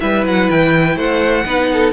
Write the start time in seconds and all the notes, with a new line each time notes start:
0.00 G3 E4 B4 E5
0.25 F#3 F#5
0.51 E3 G5
0.96 A3 C5 F#5
1.45 B3 D#4 B4
1.73 A4